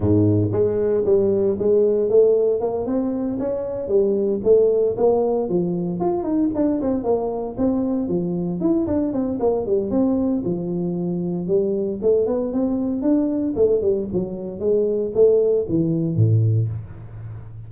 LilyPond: \new Staff \with { instrumentName = "tuba" } { \time 4/4 \tempo 4 = 115 gis,4 gis4 g4 gis4 | a4 ais8 c'4 cis'4 g8~ | g8 a4 ais4 f4 f'8 | dis'8 d'8 c'8 ais4 c'4 f8~ |
f8 e'8 d'8 c'8 ais8 g8 c'4 | f2 g4 a8 b8 | c'4 d'4 a8 g8 fis4 | gis4 a4 e4 a,4 | }